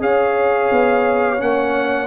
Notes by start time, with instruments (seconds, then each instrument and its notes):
0.00 tuba C#4, trombone G#4, horn C#5, trumpet F5
0.72 tuba B3
1.38 tuba A#3, trombone C#4, trumpet F#5